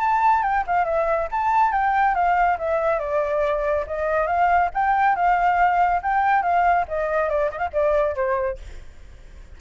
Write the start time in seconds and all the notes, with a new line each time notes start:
0.00 A5
0.42 G5
0.67 F5
0.85 E5
1.31 A5
1.72 G5
2.15 F5
2.58 E5
2.99 D5
3.87 D#5
4.27 F5
4.74 G5
5.16 F5
6.02 G5
6.42 F5
6.88 D#5
7.29 D5
7.51 D#5
7.58 F5
7.73 D5
8.15 C5